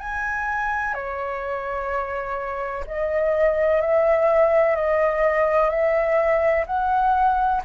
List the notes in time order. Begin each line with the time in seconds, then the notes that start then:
0.00 G#5
0.94 C#5
2.87 D#5
3.82 E5
4.76 D#5
5.70 E5
6.67 F#5